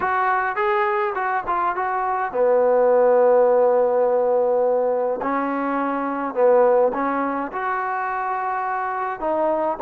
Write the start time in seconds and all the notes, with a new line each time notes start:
0.00 F#4
0.55 G#4
1.14 F#4
1.46 F4
1.75 F#4
2.32 B3
5.22 C#4
6.34 B3
6.93 C#4
7.52 F#4
9.19 D#4